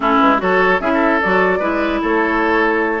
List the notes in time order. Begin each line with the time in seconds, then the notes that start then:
0.00 A3 C#4 E4 A4
0.19 G#3 B4
0.37 F#3 F#4 A4 C#5
0.80 C#4 E4 G#4 E5
0.94 A4
1.21 F#3 F#4 D5
1.59 G#3 E4 B4
2.02 A3 A4 C#5